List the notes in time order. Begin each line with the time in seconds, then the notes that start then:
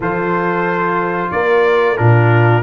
0.00 F3 F4 A4 C5
1.31 A#3 A#4 D5
1.96 A#2 D4 F4 A#4